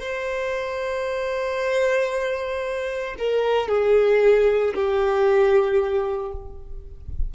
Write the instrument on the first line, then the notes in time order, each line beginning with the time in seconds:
violin
0.00 C5
3.19 A#4
3.69 G#4
4.75 G4